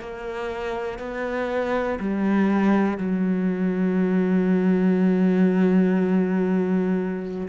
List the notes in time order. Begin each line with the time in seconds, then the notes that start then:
0.00 A#3
0.99 B3
2.00 G3
2.98 F#3